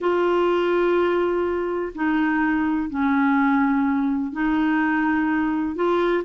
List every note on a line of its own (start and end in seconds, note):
0.00 1.92 F4
1.95 2.89 D#4
2.89 4.32 C#4
4.32 5.75 D#4
5.75 6.23 F4